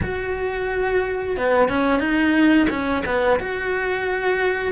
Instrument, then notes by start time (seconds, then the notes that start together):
cello
0.02 F#4
1.36 B3
1.68 C#4
1.99 D#4
2.69 C#4
3.05 B3
3.39 F#4